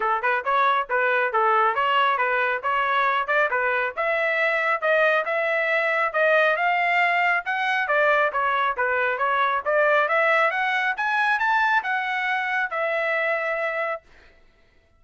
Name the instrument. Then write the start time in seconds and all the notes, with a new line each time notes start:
trumpet
0.00 A4
0.22 B4
0.44 C#5
0.89 B4
1.33 A4
1.74 C#5
2.17 B4
2.62 C#5
3.27 D5
3.50 B4
3.96 E5
4.81 D#5
5.25 E5
6.13 D#5
6.56 F5
7.45 F#5
7.87 D5
8.32 C#5
8.76 B4
9.18 C#5
9.65 D5
10.08 E5
10.50 F#5
10.96 G#5
11.39 A5
11.83 F#5
12.70 E5